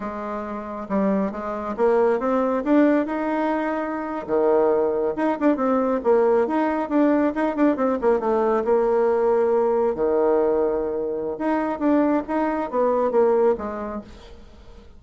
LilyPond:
\new Staff \with { instrumentName = "bassoon" } { \time 4/4 \tempo 4 = 137 gis2 g4 gis4 | ais4 c'4 d'4 dis'4~ | dis'4.~ dis'16 dis2 dis'16~ | dis'16 d'8 c'4 ais4 dis'4 d'16~ |
d'8. dis'8 d'8 c'8 ais8 a4 ais16~ | ais2~ ais8. dis4~ dis16~ | dis2 dis'4 d'4 | dis'4 b4 ais4 gis4 | }